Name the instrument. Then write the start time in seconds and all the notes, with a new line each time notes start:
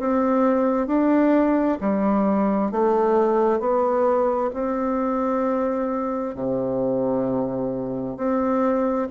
bassoon
0.00 C4
0.88 D4
1.81 G3
2.72 A3
3.60 B3
4.54 C4
6.36 C3
8.17 C4